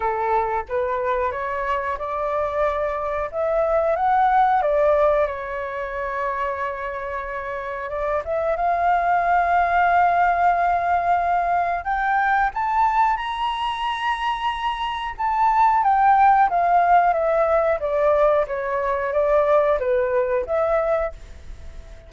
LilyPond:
\new Staff \with { instrumentName = "flute" } { \time 4/4 \tempo 4 = 91 a'4 b'4 cis''4 d''4~ | d''4 e''4 fis''4 d''4 | cis''1 | d''8 e''8 f''2.~ |
f''2 g''4 a''4 | ais''2. a''4 | g''4 f''4 e''4 d''4 | cis''4 d''4 b'4 e''4 | }